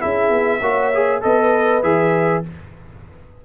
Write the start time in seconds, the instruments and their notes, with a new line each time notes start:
0.00 tuba C#4, trombone E4, horn G#4, trumpet E5
0.29 tuba B3
0.61 tuba A#3, trombone F#4, horn C#5
0.93 trombone G#4
1.21 tuba B3, trombone A4, horn B4, trumpet D#5
1.82 tuba E3, trombone G#4, trumpet E5